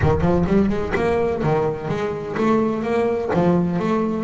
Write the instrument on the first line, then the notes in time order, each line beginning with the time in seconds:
double bass
0.02 D#3
0.21 F3
0.46 G3
0.69 G#3
0.95 A#3
1.43 D#3
1.88 G#3
2.37 A3
2.83 A#3
3.33 F3
3.79 A3